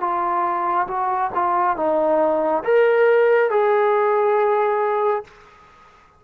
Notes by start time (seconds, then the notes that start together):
0.00 F4
0.87 F#4
1.34 F4
1.76 D#4
2.64 A#4
3.50 G#4